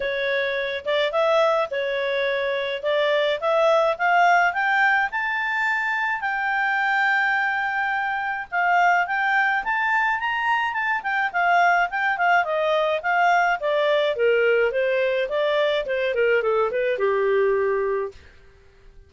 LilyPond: \new Staff \with { instrumentName = "clarinet" } { \time 4/4 \tempo 4 = 106 cis''4. d''8 e''4 cis''4~ | cis''4 d''4 e''4 f''4 | g''4 a''2 g''4~ | g''2. f''4 |
g''4 a''4 ais''4 a''8 g''8 | f''4 g''8 f''8 dis''4 f''4 | d''4 ais'4 c''4 d''4 | c''8 ais'8 a'8 b'8 g'2 | }